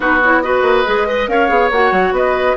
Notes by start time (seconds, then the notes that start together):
0.00 B3 D#4 F#4 B4
0.24 E4 C#5
0.41 F#4 B4 D#5
0.62 A#3
0.85 G#3 G#4
1.07 B4 D#5
1.27 C#4 A#4 C#5 F5
1.48 B3 G#4
1.70 A#3 F#4 F#5
1.91 F#3
2.11 B3 B4 D#5